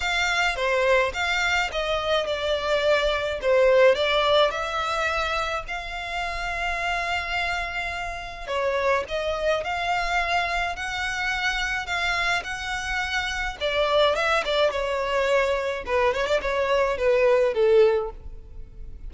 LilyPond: \new Staff \with { instrumentName = "violin" } { \time 4/4 \tempo 4 = 106 f''4 c''4 f''4 dis''4 | d''2 c''4 d''4 | e''2 f''2~ | f''2. cis''4 |
dis''4 f''2 fis''4~ | fis''4 f''4 fis''2 | d''4 e''8 d''8 cis''2 | b'8 cis''16 d''16 cis''4 b'4 a'4 | }